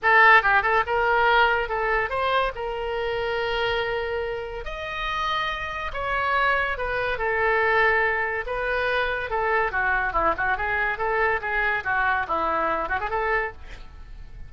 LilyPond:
\new Staff \with { instrumentName = "oboe" } { \time 4/4 \tempo 4 = 142 a'4 g'8 a'8 ais'2 | a'4 c''4 ais'2~ | ais'2. dis''4~ | dis''2 cis''2 |
b'4 a'2. | b'2 a'4 fis'4 | e'8 fis'8 gis'4 a'4 gis'4 | fis'4 e'4. fis'16 gis'16 a'4 | }